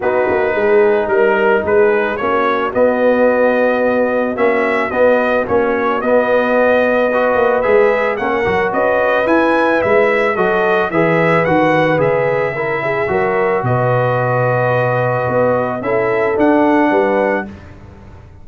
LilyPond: <<
  \new Staff \with { instrumentName = "trumpet" } { \time 4/4 \tempo 4 = 110 b'2 ais'4 b'4 | cis''4 dis''2. | e''4 dis''4 cis''4 dis''4~ | dis''2 e''4 fis''4 |
dis''4 gis''4 e''4 dis''4 | e''4 fis''4 e''2~ | e''4 dis''2.~ | dis''4 e''4 fis''2 | }
  \new Staff \with { instrumentName = "horn" } { \time 4/4 fis'4 gis'4 ais'4 gis'4 | fis'1~ | fis'1~ | fis'4 b'2 ais'4 |
b'2. a'4 | b'2. ais'8 gis'8 | ais'4 b'2.~ | b'4 a'2 b'4 | }
  \new Staff \with { instrumentName = "trombone" } { \time 4/4 dis'1 | cis'4 b2. | cis'4 b4 cis'4 b4~ | b4 fis'4 gis'4 cis'8 fis'8~ |
fis'4 e'2 fis'4 | gis'4 fis'4 gis'4 e'4 | fis'1~ | fis'4 e'4 d'2 | }
  \new Staff \with { instrumentName = "tuba" } { \time 4/4 b8 ais8 gis4 g4 gis4 | ais4 b2. | ais4 b4 ais4 b4~ | b4. ais8 gis4 ais8 fis8 |
cis'4 e'4 gis4 fis4 | e4 dis4 cis2 | fis4 b,2. | b4 cis'4 d'4 g4 | }
>>